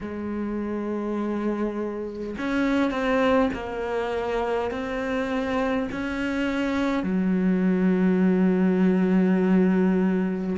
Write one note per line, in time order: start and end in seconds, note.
0.01 2.36 G#3
2.38 2.90 C#4
2.90 3.49 C4
3.53 4.71 A#3
4.71 5.88 C4
5.91 7.03 C#4
7.03 10.56 F#3